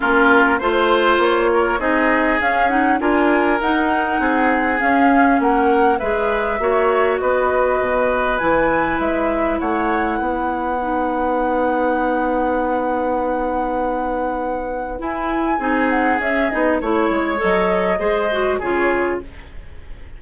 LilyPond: <<
  \new Staff \with { instrumentName = "flute" } { \time 4/4 \tempo 4 = 100 ais'4 c''4 cis''4 dis''4 | f''8 fis''8 gis''4 fis''2 | f''4 fis''4 e''2 | dis''2 gis''4 e''4 |
fis''1~ | fis''1~ | fis''4 gis''4. fis''8 e''8 dis''8 | cis''4 dis''2 cis''4 | }
  \new Staff \with { instrumentName = "oboe" } { \time 4/4 f'4 c''4. ais'8 gis'4~ | gis'4 ais'2 gis'4~ | gis'4 ais'4 b'4 cis''4 | b'1 |
cis''4 b'2.~ | b'1~ | b'2 gis'2 | cis''2 c''4 gis'4 | }
  \new Staff \with { instrumentName = "clarinet" } { \time 4/4 cis'4 f'2 dis'4 | cis'8 dis'8 f'4 dis'2 | cis'2 gis'4 fis'4~ | fis'2 e'2~ |
e'2 dis'2~ | dis'1~ | dis'4 e'4 dis'4 cis'8 dis'8 | e'4 a'4 gis'8 fis'8 f'4 | }
  \new Staff \with { instrumentName = "bassoon" } { \time 4/4 ais4 a4 ais4 c'4 | cis'4 d'4 dis'4 c'4 | cis'4 ais4 gis4 ais4 | b4 b,4 e4 gis4 |
a4 b2.~ | b1~ | b4 e'4 c'4 cis'8 b8 | a8 gis8 fis4 gis4 cis4 | }
>>